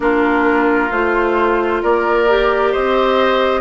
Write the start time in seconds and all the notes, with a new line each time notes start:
0.00 A#3 D4 F4 A#4
0.91 A3 F4 C5
1.82 A#3 A#4 D5
2.28 G4
2.72 C4 C5 D#5